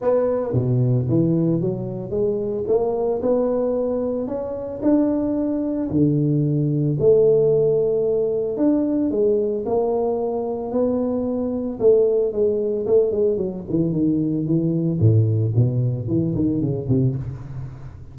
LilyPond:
\new Staff \with { instrumentName = "tuba" } { \time 4/4 \tempo 4 = 112 b4 b,4 e4 fis4 | gis4 ais4 b2 | cis'4 d'2 d4~ | d4 a2. |
d'4 gis4 ais2 | b2 a4 gis4 | a8 gis8 fis8 e8 dis4 e4 | a,4 b,4 e8 dis8 cis8 c8 | }